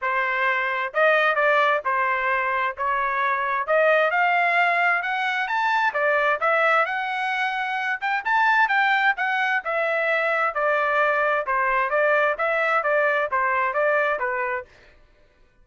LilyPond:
\new Staff \with { instrumentName = "trumpet" } { \time 4/4 \tempo 4 = 131 c''2 dis''4 d''4 | c''2 cis''2 | dis''4 f''2 fis''4 | a''4 d''4 e''4 fis''4~ |
fis''4. g''8 a''4 g''4 | fis''4 e''2 d''4~ | d''4 c''4 d''4 e''4 | d''4 c''4 d''4 b'4 | }